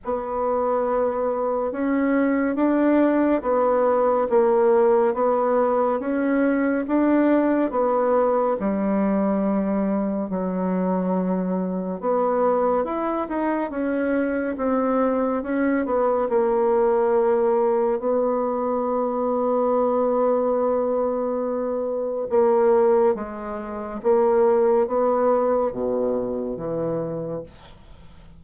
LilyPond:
\new Staff \with { instrumentName = "bassoon" } { \time 4/4 \tempo 4 = 70 b2 cis'4 d'4 | b4 ais4 b4 cis'4 | d'4 b4 g2 | fis2 b4 e'8 dis'8 |
cis'4 c'4 cis'8 b8 ais4~ | ais4 b2.~ | b2 ais4 gis4 | ais4 b4 b,4 e4 | }